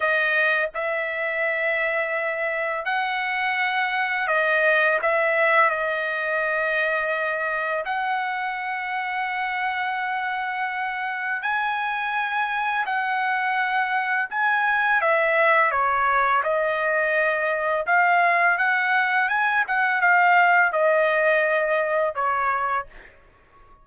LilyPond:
\new Staff \with { instrumentName = "trumpet" } { \time 4/4 \tempo 4 = 84 dis''4 e''2. | fis''2 dis''4 e''4 | dis''2. fis''4~ | fis''1 |
gis''2 fis''2 | gis''4 e''4 cis''4 dis''4~ | dis''4 f''4 fis''4 gis''8 fis''8 | f''4 dis''2 cis''4 | }